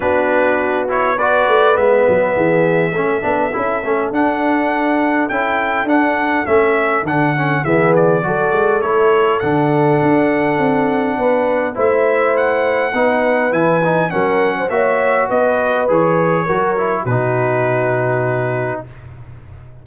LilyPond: <<
  \new Staff \with { instrumentName = "trumpet" } { \time 4/4 \tempo 4 = 102 b'4. cis''8 d''4 e''4~ | e''2. fis''4~ | fis''4 g''4 fis''4 e''4 | fis''4 e''8 d''4. cis''4 |
fis''1 | e''4 fis''2 gis''4 | fis''4 e''4 dis''4 cis''4~ | cis''4 b'2. | }
  \new Staff \with { instrumentName = "horn" } { \time 4/4 fis'2 b'2 | gis'4 a'2.~ | a'1~ | a'4 gis'4 a'2~ |
a'2. b'4 | c''2 b'2 | ais'8. c''16 cis''4 b'2 | ais'4 fis'2. | }
  \new Staff \with { instrumentName = "trombone" } { \time 4/4 d'4. e'8 fis'4 b4~ | b4 cis'8 d'8 e'8 cis'8 d'4~ | d'4 e'4 d'4 cis'4 | d'8 cis'8 b4 fis'4 e'4 |
d'1 | e'2 dis'4 e'8 dis'8 | cis'4 fis'2 gis'4 | fis'8 e'8 dis'2. | }
  \new Staff \with { instrumentName = "tuba" } { \time 4/4 b2~ b8 a8 gis8 fis8 | e4 a8 b8 cis'8 a8 d'4~ | d'4 cis'4 d'4 a4 | d4 e4 fis8 gis8 a4 |
d4 d'4 c'4 b4 | a2 b4 e4 | fis4 ais4 b4 e4 | fis4 b,2. | }
>>